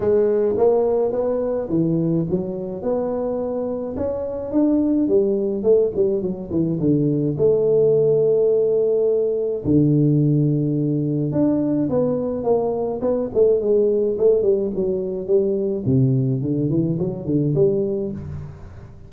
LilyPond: \new Staff \with { instrumentName = "tuba" } { \time 4/4 \tempo 4 = 106 gis4 ais4 b4 e4 | fis4 b2 cis'4 | d'4 g4 a8 g8 fis8 e8 | d4 a2.~ |
a4 d2. | d'4 b4 ais4 b8 a8 | gis4 a8 g8 fis4 g4 | c4 d8 e8 fis8 d8 g4 | }